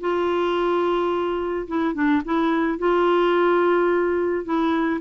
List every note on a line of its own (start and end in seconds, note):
0.00 1.67 F4
1.67 1.94 E4
1.94 2.22 D4
2.25 2.78 E4
2.78 4.44 F4
4.44 5.00 E4